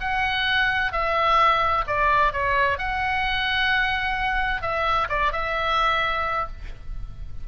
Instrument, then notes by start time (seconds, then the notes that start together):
oboe
0.00 F#5
0.92 E5
1.87 D5
2.32 C#5
2.78 F#5
4.62 E5
5.09 D5
5.32 E5